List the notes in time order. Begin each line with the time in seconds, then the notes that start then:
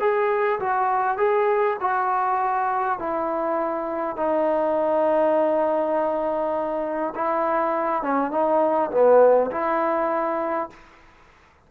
0.00 G#4
0.60 F#4
1.17 G#4
1.81 F#4
2.99 E4
4.17 D#4
7.15 E4
8.03 C#4
8.31 D#4
8.91 B3
9.51 E4